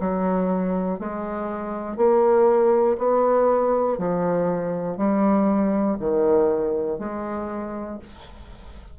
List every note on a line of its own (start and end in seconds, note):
0.00 1.00 F#3
1.00 1.97 G#3
1.97 2.97 A#3
2.98 3.98 B3
3.99 4.97 F3
4.97 5.97 G3
6.00 6.99 D#3
6.99 7.99 G#3